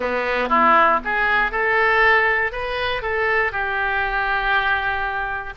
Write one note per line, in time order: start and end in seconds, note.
0.00 0.49 B3
0.49 0.99 E4
1.04 1.51 G#4
1.51 2.51 A4
2.51 3.02 B4
3.02 3.52 A4
3.52 5.53 G4